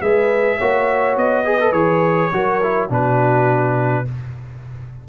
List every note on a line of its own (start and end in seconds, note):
0.00 0.58 G#3
0.00 0.60 G#4
0.00 0.58 B4
0.00 1.16 E5
0.58 1.16 A#3
0.58 1.44 F#4
0.58 1.44 C#5
1.16 1.72 B3
1.16 1.72 D#5
1.44 1.59 G#4
1.44 2.32 B4
1.60 1.73 A4
1.72 2.30 E3
1.72 2.31 G#4
1.72 2.88 C#5
2.32 2.89 F#3
2.32 2.61 F#4
2.32 2.89 A#4
2.62 2.89 E4
2.89 4.05 B2
2.89 4.05 D4
2.89 4.05 F#4
2.89 4.08 B4